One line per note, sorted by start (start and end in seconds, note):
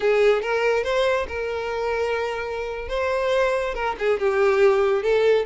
0.00 0.42 G#4
0.42 0.83 A#4
0.83 1.26 C5
1.28 2.88 A#4
2.88 3.74 C5
3.74 3.95 A#4
3.98 4.19 G#4
4.19 5.02 G4
5.02 5.45 A4